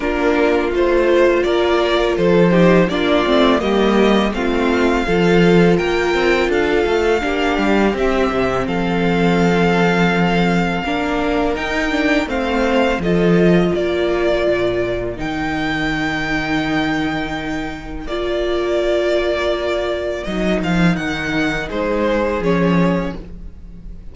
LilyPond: <<
  \new Staff \with { instrumentName = "violin" } { \time 4/4 \tempo 4 = 83 ais'4 c''4 d''4 c''4 | d''4 dis''4 f''2 | g''4 f''2 e''4 | f''1 |
g''4 f''4 dis''4 d''4~ | d''4 g''2.~ | g''4 d''2. | dis''8 f''8 fis''4 c''4 cis''4 | }
  \new Staff \with { instrumentName = "violin" } { \time 4/4 f'2 ais'4 a'8 g'8 | f'4 g'4 f'4 a'4 | ais'4 a'4 g'2 | a'2. ais'4~ |
ais'4 c''4 a'4 ais'4~ | ais'1~ | ais'1~ | ais'2 gis'2 | }
  \new Staff \with { instrumentName = "viola" } { \time 4/4 d'4 f'2~ f'8 dis'8 | d'8 c'8 ais4 c'4 f'4~ | f'2 d'4 c'4~ | c'2. d'4 |
dis'8 d'8 c'4 f'2~ | f'4 dis'2.~ | dis'4 f'2. | dis'2. cis'4 | }
  \new Staff \with { instrumentName = "cello" } { \time 4/4 ais4 a4 ais4 f4 | ais8 a8 g4 a4 f4 | ais8 c'8 d'8 a8 ais8 g8 c'8 c8 | f2. ais4 |
dis'4 a4 f4 ais4 | ais,4 dis2.~ | dis4 ais2. | fis8 f8 dis4 gis4 f4 | }
>>